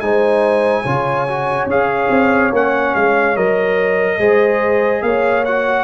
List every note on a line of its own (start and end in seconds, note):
0.00 0.84 G#3
0.00 0.85 D#4
0.00 0.83 C5
0.00 1.67 G#5
0.83 1.66 C#3
0.83 1.28 F4
0.83 4.16 C#5
1.28 1.69 F#4
1.66 2.08 C#4
1.66 2.53 G#4
1.66 2.53 F5
2.10 2.51 C4
2.52 2.93 A#3
2.52 3.36 C#4
2.52 2.95 F#5
2.95 3.36 G#3
2.95 3.36 F5
3.36 4.18 F#3
3.36 4.19 A#4
3.36 5.02 D#5
4.18 5.02 G#3
4.18 5.44 G#4
4.18 5.03 C5
5.02 5.84 A#3
5.02 5.84 C#5
5.02 5.44 F5
5.45 5.84 F#4
5.45 5.84 F#5